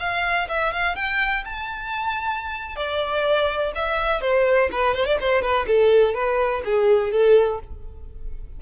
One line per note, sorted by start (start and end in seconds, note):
0.00 0.48 F5
0.49 0.73 E5
0.73 0.96 F5
0.96 1.45 G5
1.45 2.76 A5
2.76 3.73 D5
3.75 4.22 E5
4.22 4.70 C5
4.72 4.95 B4
4.95 5.06 C5
5.06 5.18 D5
5.21 5.42 C5
5.42 5.67 B4
5.68 6.15 A4
6.15 6.63 B4
6.65 7.12 G#4
7.12 7.60 A4